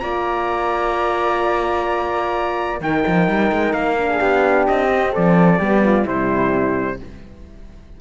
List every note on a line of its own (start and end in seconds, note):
0.00 2.81 A#3
0.00 2.80 F4
0.00 2.82 D5
0.00 2.79 A#5
2.81 3.04 D#3
2.81 3.97 D#4
2.81 4.10 A#4
2.81 3.73 G5
3.07 3.28 F3
3.28 3.52 G3
3.52 3.73 G#3
3.73 4.20 A#3
3.73 4.66 F5
3.97 4.90 D4
4.10 4.20 G#4
4.20 4.68 B3
4.20 5.12 G4
4.67 5.16 C4
4.67 5.14 D#5
4.91 5.60 C4
5.12 5.60 F3
5.12 5.58 A4
5.12 6.08 D5
5.58 6.06 G3
5.58 6.07 B3
5.58 5.82 G4
5.84 6.05 F4
6.05 7.00 C3
6.05 7.00 G3
6.05 6.98 E4
6.05 7.01 C5